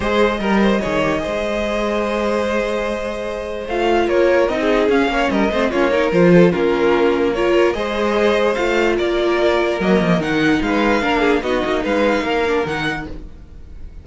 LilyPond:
<<
  \new Staff \with { instrumentName = "violin" } { \time 4/4 \tempo 4 = 147 dis''1~ | dis''1~ | dis''4 f''4 cis''4 dis''4 | f''4 dis''4 cis''4 c''4 |
ais'2 cis''4 dis''4~ | dis''4 f''4 d''2 | dis''4 fis''4 f''2 | dis''4 f''2 fis''4 | }
  \new Staff \with { instrumentName = "violin" } { \time 4/4 c''4 ais'8 c''8 cis''4 c''4~ | c''1~ | c''2 ais'4~ ais'16 gis'8.~ | gis'8 cis''8 ais'8 c''8 f'8 ais'4 a'8 |
f'2 ais'4 c''4~ | c''2 ais'2~ | ais'2 b'4 ais'8 gis'8 | fis'4 b'4 ais'2 | }
  \new Staff \with { instrumentName = "viola" } { \time 4/4 gis'4 ais'4 gis'8 g'8 gis'4~ | gis'1~ | gis'4 f'2 dis'4 | cis'4. c'8 cis'8 dis'8 f'4 |
cis'2 f'4 gis'4~ | gis'4 f'2. | ais4 dis'2 d'4 | dis'2~ dis'8 d'8 dis'4 | }
  \new Staff \with { instrumentName = "cello" } { \time 4/4 gis4 g4 dis4 gis4~ | gis1~ | gis4 a4 ais4 c'4 | cis'8 ais8 g8 a8 ais4 f4 |
ais2. gis4~ | gis4 a4 ais2 | fis8 f8 dis4 gis4 ais4 | b8 ais8 gis4 ais4 dis4 | }
>>